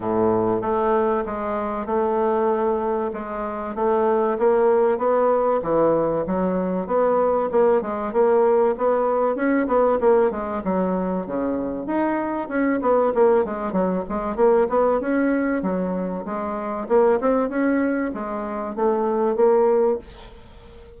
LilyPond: \new Staff \with { instrumentName = "bassoon" } { \time 4/4 \tempo 4 = 96 a,4 a4 gis4 a4~ | a4 gis4 a4 ais4 | b4 e4 fis4 b4 | ais8 gis8 ais4 b4 cis'8 b8 |
ais8 gis8 fis4 cis4 dis'4 | cis'8 b8 ais8 gis8 fis8 gis8 ais8 b8 | cis'4 fis4 gis4 ais8 c'8 | cis'4 gis4 a4 ais4 | }